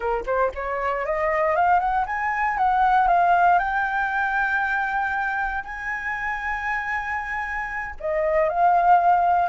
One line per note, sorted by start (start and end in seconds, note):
0.00 0.24 A#4
0.26 0.51 C5
0.54 1.05 C#5
1.05 1.55 D#5
1.55 1.79 F5
1.79 2.05 F#5
2.06 2.57 G#5
2.57 3.07 F#5
3.07 3.58 F5
3.58 5.63 G5
5.63 7.94 G#5
8.00 8.49 D#5
8.49 9.48 F5